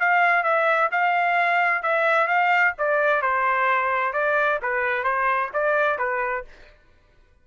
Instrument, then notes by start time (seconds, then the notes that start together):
trumpet
0.00 F5
0.44 E5
0.91 F5
1.83 E5
2.27 F5
2.78 D5
3.22 C5
4.13 D5
4.62 B4
5.04 C5
5.54 D5
5.99 B4